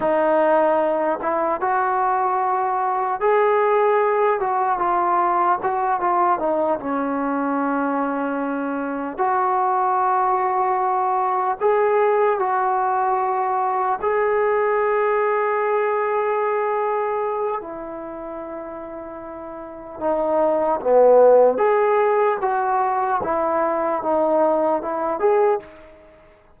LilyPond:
\new Staff \with { instrumentName = "trombone" } { \time 4/4 \tempo 4 = 75 dis'4. e'8 fis'2 | gis'4. fis'8 f'4 fis'8 f'8 | dis'8 cis'2. fis'8~ | fis'2~ fis'8 gis'4 fis'8~ |
fis'4. gis'2~ gis'8~ | gis'2 e'2~ | e'4 dis'4 b4 gis'4 | fis'4 e'4 dis'4 e'8 gis'8 | }